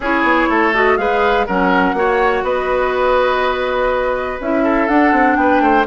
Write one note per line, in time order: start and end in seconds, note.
0.00 0.23 C#4
0.00 0.74 E4
0.00 0.49 G#4
0.00 0.74 C#5
0.23 0.47 B3
0.49 0.97 A3
0.49 0.97 A4
0.74 0.98 F#4
0.74 0.97 D#5
0.97 1.46 G#3
0.97 1.46 G#4
0.97 1.46 B4
0.97 1.46 F5
1.46 1.93 F#3
1.46 1.95 C#4
1.46 1.95 A#4
1.46 2.45 F#5
1.93 2.42 A#3
1.93 4.39 F#4
1.93 2.44 C#5
2.42 4.37 B3
2.42 4.63 B4
2.42 4.40 D#5
4.40 4.88 C#4
4.40 4.89 E4
4.40 4.88 E5
4.63 5.36 A4
4.88 5.12 D4
4.88 5.86 D4
4.88 5.36 F#5
5.12 5.36 C4
5.36 5.60 B3
5.36 5.62 B4
5.36 5.84 G5
5.60 5.84 A3
5.60 5.86 C5